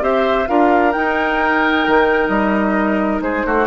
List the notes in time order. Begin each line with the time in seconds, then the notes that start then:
0.00 C4 G4 C5 E5
0.47 D4 F4 A#4 F5
0.92 D#4 G5
1.86 D#3
2.28 G3 D#5
3.21 G#3 G#4 C5
3.46 A3 F#4